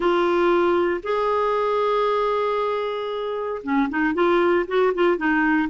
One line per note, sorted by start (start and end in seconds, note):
0.00 1.01 F4
1.03 3.62 G#4
3.63 3.89 C#4
3.89 4.14 D#4
4.14 4.66 F4
4.67 4.93 F#4
4.94 5.17 F4
5.17 5.68 D#4